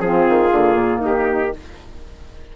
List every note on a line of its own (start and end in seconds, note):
0.00 0.25 F3
0.00 0.51 C4
0.00 1.00 F4
0.00 1.02 G#4
0.29 0.52 D#3
0.51 0.75 D3
0.51 1.52 A#3
0.75 1.00 A#2
1.00 1.55 D#3
1.00 1.50 D#4
1.00 1.56 G4